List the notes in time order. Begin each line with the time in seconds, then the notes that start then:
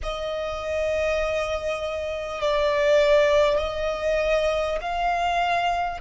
0.03 D#5
2.41 D5
3.58 D#5
4.81 F5